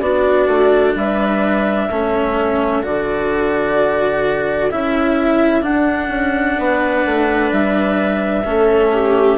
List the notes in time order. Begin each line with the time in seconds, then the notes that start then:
0.00 B3 D4 F#4 D5
0.47 A3
0.95 G3 B4 E5
1.89 A3 C#4 A4
2.82 D3 F#4 D5
4.71 C#4 E4 E5
5.61 D4 F#5
6.08 C#4
6.58 B3 B4
7.05 A3
7.52 G3 E5
8.45 A3 C#4 A4
8.93 G4